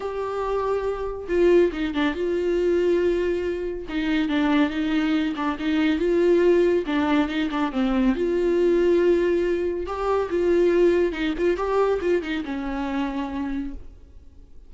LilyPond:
\new Staff \with { instrumentName = "viola" } { \time 4/4 \tempo 4 = 140 g'2. f'4 | dis'8 d'8 f'2.~ | f'4 dis'4 d'4 dis'4~ | dis'8 d'8 dis'4 f'2 |
d'4 dis'8 d'8 c'4 f'4~ | f'2. g'4 | f'2 dis'8 f'8 g'4 | f'8 dis'8 cis'2. | }